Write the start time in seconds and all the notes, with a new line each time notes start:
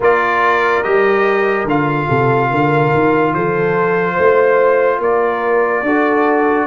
0.00 A#3 F4 A#4 D5
0.83 G3 G4 D#5
1.64 D3 F4 F5
2.07 C3 A4
2.49 D3 A#4
2.93 D#3
3.34 F3 A4 C5
4.13 A3 C5
4.99 A#3 A#4 D5
5.82 D4 F#4 A4